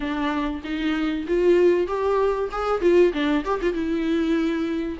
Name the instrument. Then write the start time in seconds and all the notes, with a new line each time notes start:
viola
0.00 D4
0.63 D#4
1.27 F4
1.87 G4
2.51 G#4
2.81 F4
3.13 D4
3.44 G4
3.61 F4
3.73 E4